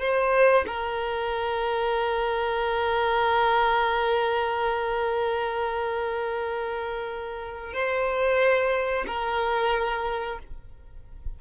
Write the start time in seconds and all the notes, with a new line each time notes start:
0.00 C5
0.67 A#4
7.74 C5
9.07 A#4